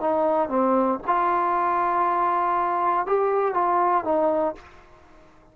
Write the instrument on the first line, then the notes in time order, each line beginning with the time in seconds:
trombone
0.00 D#4
0.49 C4
1.07 F4
3.06 G4
3.54 F4
4.04 D#4